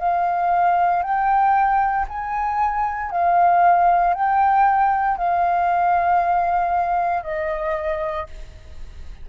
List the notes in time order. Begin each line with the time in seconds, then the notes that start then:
0.00 F5
1.03 G5
2.09 G#5
3.11 F5
4.14 G5
5.18 F5
7.23 D#5